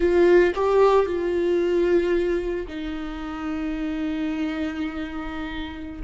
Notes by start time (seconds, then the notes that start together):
0.00 F4
0.55 G4
1.06 F4
2.67 D#4